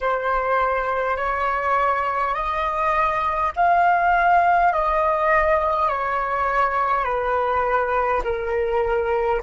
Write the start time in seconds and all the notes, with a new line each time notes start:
0.00 C5
1.17 C#5
2.34 D#5
3.56 F5
4.72 D#5
5.88 C#5
7.04 B4
8.24 A#4